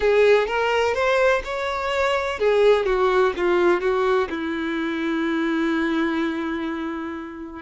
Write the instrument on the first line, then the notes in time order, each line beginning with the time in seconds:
violin
0.00 G#4
0.47 A#4
0.94 C5
1.44 C#5
2.39 G#4
2.85 F#4
3.36 F4
3.80 F#4
4.29 E4